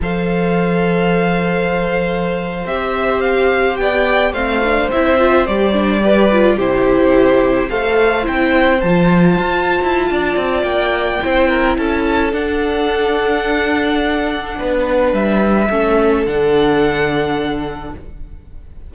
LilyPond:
<<
  \new Staff \with { instrumentName = "violin" } { \time 4/4 \tempo 4 = 107 f''1~ | f''8. e''4 f''4 g''4 f''16~ | f''8. e''4 d''2 c''16~ | c''4.~ c''16 f''4 g''4 a''16~ |
a''2. g''4~ | g''4 a''4 fis''2~ | fis''2. e''4~ | e''4 fis''2. | }
  \new Staff \with { instrumentName = "violin" } { \time 4/4 c''1~ | c''2~ c''8. d''4 c''16~ | c''2~ c''8. b'4 g'16~ | g'4.~ g'16 c''2~ c''16~ |
c''2 d''2 | c''8 ais'8 a'2.~ | a'2 b'2 | a'1 | }
  \new Staff \with { instrumentName = "viola" } { \time 4/4 a'1~ | a'8. g'2. c'16~ | c'16 d'8 e'8 f'8 g'8 d'8 g'8 f'8 e'16~ | e'4.~ e'16 a'4 e'4 f'16~ |
f'1 | e'2 d'2~ | d'1 | cis'4 d'2. | }
  \new Staff \with { instrumentName = "cello" } { \time 4/4 f1~ | f8. c'2 b4 a16~ | a8. c'4 g2 c16~ | c4.~ c16 a4 c'4 f16~ |
f8. f'8. e'8 d'8 c'8 ais4 | c'4 cis'4 d'2~ | d'2 b4 g4 | a4 d2. | }
>>